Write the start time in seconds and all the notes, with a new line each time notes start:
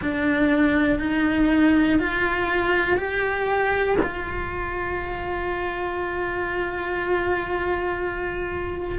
0.01 D4
0.99 D#4
1.99 F4
2.97 G4
4.02 F4